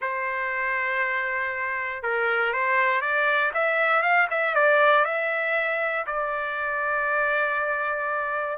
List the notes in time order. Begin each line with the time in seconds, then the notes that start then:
0.01 C5
2.03 A#4
2.53 C5
3.01 D5
3.53 E5
4.02 F5
4.30 E5
4.54 D5
5.04 E5
6.06 D5